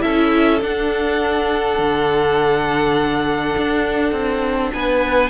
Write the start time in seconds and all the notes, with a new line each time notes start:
0.00 C#4 E4 A4 E5
0.61 D4 F#5
1.78 D3
3.57 D4
4.12 C4
4.72 B3 B4 G#5